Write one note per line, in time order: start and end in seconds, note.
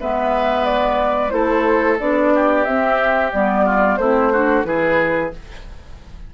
0.00 1.32 G#3
0.00 1.30 B3
0.00 1.33 B4
0.00 0.65 E5
0.65 1.30 D5
1.30 1.99 A3
1.30 1.97 E4
1.30 2.33 A4
1.30 1.97 C5
1.99 2.66 B3
1.99 2.66 D4
1.99 2.64 D5
2.34 3.65 G4
2.64 3.33 C4
2.64 3.31 E5
3.32 3.97 G3
3.32 4.00 B3
3.32 3.97 D5
3.65 3.98 F4
3.97 4.64 A3
3.97 4.33 C4
3.97 4.32 E4
3.97 4.63 C5
4.32 4.64 D4
4.32 4.66 F#4
4.64 5.31 E3
4.64 5.31 E4
4.64 5.34 G#4
4.64 5.31 B4